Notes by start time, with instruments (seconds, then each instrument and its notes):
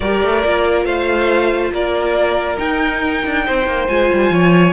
0.00 cello G3, viola G4, violin A#4 D5
0.22 cello A3
0.44 cello A#3, viola F4
0.84 cello A3, violin C5 F5
1.71 cello A#3, violin A#4 D5
2.57 viola D#4, cello D#4, violin G5
3.25 cello D4
3.46 cello C4, violin C5
3.66 cello A#3
3.87 cello G#3, viola F4, violin G#5
4.13 cello G3
4.29 cello F3, violin C#5